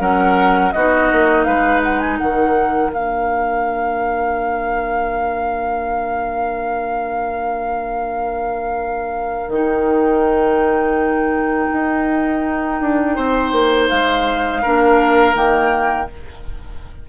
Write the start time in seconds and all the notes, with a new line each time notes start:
0.00 F#3 C#4 A#4 F#5
0.73 B3 D#4 F#4 D#5
1.12 A#3
1.45 G#3 B4 F5
1.84 F#5
2.00 G#5
2.19 D#3 A#4 F#5
2.93 A#3 D4 F5
9.48 D#3 D#4 G5
11.73 D#4
12.81 D4
13.16 C4 C5
13.53 A#3
13.89 G#3 F5
14.62 A#3 D4 A#4
15.35 D#3 A#3 G5